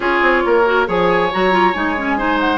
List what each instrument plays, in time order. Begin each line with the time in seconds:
0.00 bassoon C#4, clarinet F4, oboe G#4, flute C#5
0.22 bassoon C4
0.45 bassoon A#3, oboe A#4
0.65 clarinet F#4
0.86 bassoon F3, clarinet G#4, oboe C#5, flute G#5
1.31 bassoon F#3, clarinet F#4, flute A#5
1.51 clarinet F4
1.73 bassoon G#3, clarinet D#4, flute G#5
1.97 clarinet C#4
2.17 clarinet D#4, oboe C5
2.39 flute F#5